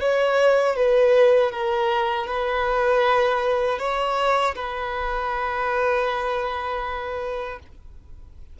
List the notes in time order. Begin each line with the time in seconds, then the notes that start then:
0.00 C#5
0.76 B4
1.51 A#4
2.26 B4
3.78 C#5
4.55 B4